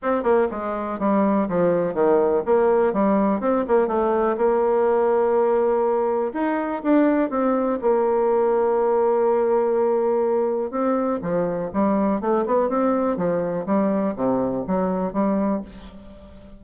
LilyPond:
\new Staff \with { instrumentName = "bassoon" } { \time 4/4 \tempo 4 = 123 c'8 ais8 gis4 g4 f4 | dis4 ais4 g4 c'8 ais8 | a4 ais2.~ | ais4 dis'4 d'4 c'4 |
ais1~ | ais2 c'4 f4 | g4 a8 b8 c'4 f4 | g4 c4 fis4 g4 | }